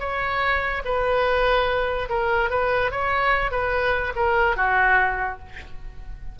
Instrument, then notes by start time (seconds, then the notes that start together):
oboe
0.00 C#5
0.85 B4
2.09 A#4
2.50 B4
2.92 C#5
3.51 B4
4.16 A#4
4.57 F#4